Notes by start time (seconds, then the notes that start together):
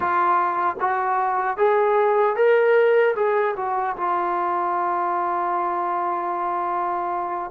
0.00 F4
0.80 F#4
1.57 G#4
2.35 A#4
3.15 G#4
3.56 F#4
3.97 F4